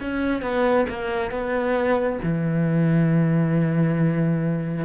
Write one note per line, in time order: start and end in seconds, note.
0.00 0.42 C#4
0.42 0.86 B3
0.89 1.31 A#3
1.31 2.19 B3
2.23 4.85 E3